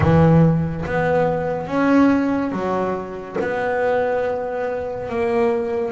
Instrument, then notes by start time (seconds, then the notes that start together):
double bass
0.00 E3
0.85 B3
1.67 C#4
2.52 F#3
3.40 B3
5.09 A#3